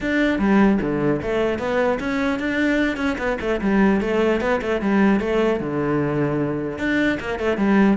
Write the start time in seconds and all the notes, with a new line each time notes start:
0.00 D4
0.38 G3
0.81 D3
1.21 A3
1.58 B3
1.99 C#4
2.39 D4
2.96 C#4
3.18 B3
3.40 A3
3.61 G3
4.01 A3
4.41 B3
4.61 A3
4.81 G3
5.20 A3
5.60 D3
6.78 D4
7.20 A#3
7.39 A3
7.57 G3